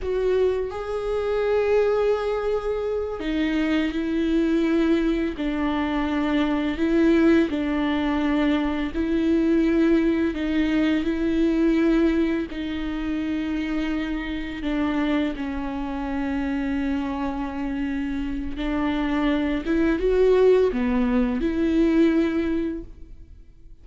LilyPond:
\new Staff \with { instrumentName = "viola" } { \time 4/4 \tempo 4 = 84 fis'4 gis'2.~ | gis'8 dis'4 e'2 d'8~ | d'4. e'4 d'4.~ | d'8 e'2 dis'4 e'8~ |
e'4. dis'2~ dis'8~ | dis'8 d'4 cis'2~ cis'8~ | cis'2 d'4. e'8 | fis'4 b4 e'2 | }